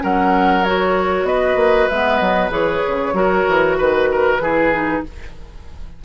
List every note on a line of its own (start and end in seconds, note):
0.00 1.23 F#3
0.00 0.62 C#4
0.00 1.26 A#4
0.00 0.63 F#5
0.63 1.90 F#4
0.63 1.26 C#5
1.23 1.54 B3
1.23 3.14 B4
1.23 1.88 D#5
1.55 1.86 A#3
1.89 2.20 G#3
1.89 2.50 B3
1.89 2.17 E5
2.17 2.50 F#3
2.17 2.49 D#5
2.50 2.81 E3
2.50 3.13 G#4
2.50 3.77 C#5
2.87 3.13 C#3
3.13 3.44 F#3
3.13 4.39 F#4
3.13 3.77 A#4
3.48 3.79 E3
3.77 4.40 D#3
3.77 4.09 B4
3.77 5.02 B4
4.11 4.42 A#4
4.40 5.02 E3
4.40 4.71 E4
4.40 5.04 G#4
4.71 5.03 D#4